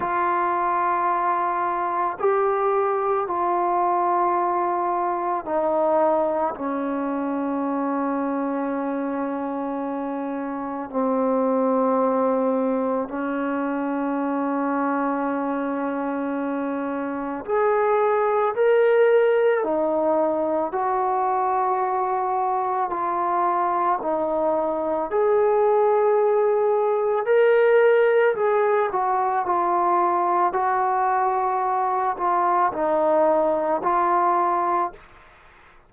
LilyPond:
\new Staff \with { instrumentName = "trombone" } { \time 4/4 \tempo 4 = 55 f'2 g'4 f'4~ | f'4 dis'4 cis'2~ | cis'2 c'2 | cis'1 |
gis'4 ais'4 dis'4 fis'4~ | fis'4 f'4 dis'4 gis'4~ | gis'4 ais'4 gis'8 fis'8 f'4 | fis'4. f'8 dis'4 f'4 | }